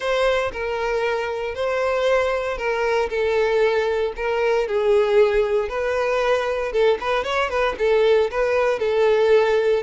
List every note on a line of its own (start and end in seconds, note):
0.00 0.51 C5
0.52 1.54 A#4
1.54 2.57 C5
2.57 3.09 A#4
3.09 4.13 A4
4.16 4.67 A#4
4.67 5.68 G#4
5.68 6.72 B4
6.72 6.98 A4
7.00 7.24 B4
7.24 7.49 C#5
7.49 7.75 B4
7.78 8.30 A4
8.30 8.79 B4
8.79 9.82 A4